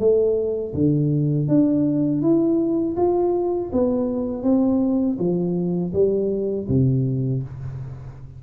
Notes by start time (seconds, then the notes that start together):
0.00 A3
0.74 D3
1.48 D4
2.23 E4
2.97 F4
3.73 B3
4.43 C4
5.19 F3
5.94 G3
6.69 C3